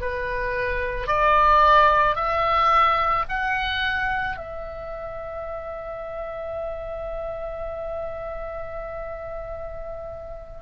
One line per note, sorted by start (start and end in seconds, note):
0.00 1.07 B4
1.07 2.15 D5
2.15 3.24 E5
3.29 4.36 F#5
4.36 10.61 E5